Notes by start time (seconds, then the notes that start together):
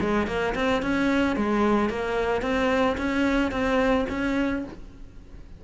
0.00 G#3
0.27 A#3
0.55 C4
0.82 C#4
1.36 G#3
1.89 A#3
2.42 C4
2.98 C#4
3.51 C4
4.10 C#4